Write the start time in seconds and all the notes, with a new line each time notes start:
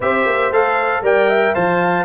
0.00 C4 G4 C5 E5
0.25 A#3
0.51 A3 A4 F5
1.01 G3 A#4 D5 G5
1.29 E5
1.54 F3 C5 F5 A5